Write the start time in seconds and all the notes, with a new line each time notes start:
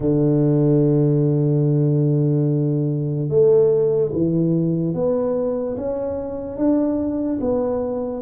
0.00 D3
3.28 A3
4.12 E3
4.94 B3
5.76 C#4
6.57 D4
7.40 B3